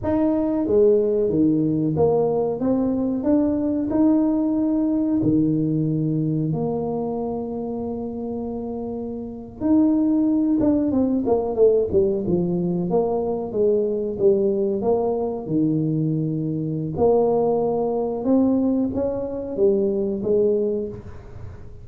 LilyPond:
\new Staff \with { instrumentName = "tuba" } { \time 4/4 \tempo 4 = 92 dis'4 gis4 dis4 ais4 | c'4 d'4 dis'2 | dis2 ais2~ | ais2~ ais8. dis'4~ dis'16~ |
dis'16 d'8 c'8 ais8 a8 g8 f4 ais16~ | ais8. gis4 g4 ais4 dis16~ | dis2 ais2 | c'4 cis'4 g4 gis4 | }